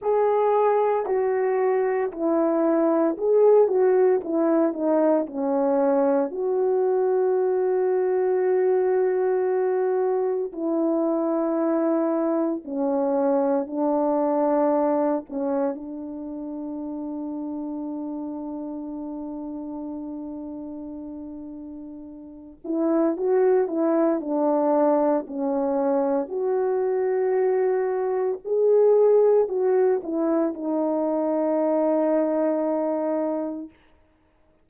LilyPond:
\new Staff \with { instrumentName = "horn" } { \time 4/4 \tempo 4 = 57 gis'4 fis'4 e'4 gis'8 fis'8 | e'8 dis'8 cis'4 fis'2~ | fis'2 e'2 | cis'4 d'4. cis'8 d'4~ |
d'1~ | d'4. e'8 fis'8 e'8 d'4 | cis'4 fis'2 gis'4 | fis'8 e'8 dis'2. | }